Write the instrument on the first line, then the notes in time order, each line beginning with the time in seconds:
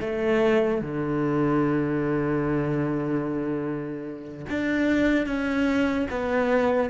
cello
0.00 A3
0.81 D3
4.49 D4
5.26 C#4
6.10 B3